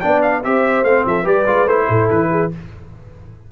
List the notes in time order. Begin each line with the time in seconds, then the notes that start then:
0.00 B3 D4 D5 G5
0.22 F5
0.43 C4 G4 C5 E5
0.83 A3 C4 F5
1.05 F3 A4 E5
1.23 G3 G4 B4 D5
1.46 G#3 F4
1.65 A3 E4 C5
1.88 A2 A4
2.10 E3 B4
2.30 G#4